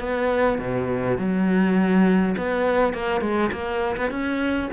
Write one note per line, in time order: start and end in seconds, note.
0.00 0.59 B3
0.59 1.18 B2
1.18 2.36 F#3
2.38 2.94 B3
2.94 3.21 A#3
3.21 3.51 G#3
3.52 3.97 A#3
3.97 4.11 B3
4.11 4.70 C#4